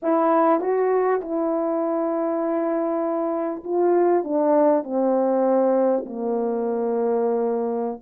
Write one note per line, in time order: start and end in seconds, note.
0.02 0.60 E4
0.60 1.21 F#4
1.21 3.63 E4
3.64 4.24 F4
4.24 4.83 D4
4.83 6.04 C4
6.05 8.01 A#3